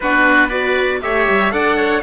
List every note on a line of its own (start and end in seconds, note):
0.00 1.02 B3
0.00 0.50 D4
0.00 0.48 F#4
0.00 0.49 B4
0.48 1.01 F#4
0.48 0.99 B4
0.48 1.00 D5
1.01 1.27 A3
1.01 1.50 G4
1.01 1.53 C#5
1.01 1.51 E5
1.29 1.52 G3
1.50 2.02 D4
1.50 2.01 A4
1.50 1.76 D5
1.50 2.02 F#5
1.76 2.01 C#5